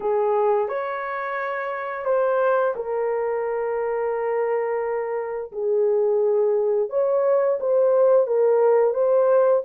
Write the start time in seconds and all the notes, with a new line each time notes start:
0.00 G#4
0.68 C#5
2.04 C5
2.75 A#4
5.52 G#4
6.89 C#5
7.60 C5
8.27 A#4
8.93 C5